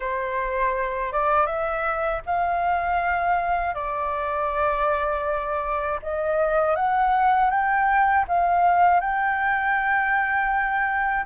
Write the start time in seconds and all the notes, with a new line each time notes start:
0.00 C5
1.12 D5
1.46 E5
2.26 F5
3.74 D5
6.02 D#5
6.75 F#5
7.50 G5
8.28 F5
9.00 G5